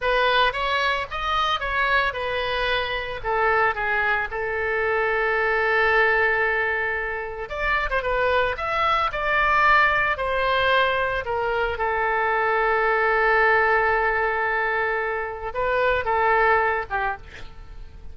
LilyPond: \new Staff \with { instrumentName = "oboe" } { \time 4/4 \tempo 4 = 112 b'4 cis''4 dis''4 cis''4 | b'2 a'4 gis'4 | a'1~ | a'2 d''8. c''16 b'4 |
e''4 d''2 c''4~ | c''4 ais'4 a'2~ | a'1~ | a'4 b'4 a'4. g'8 | }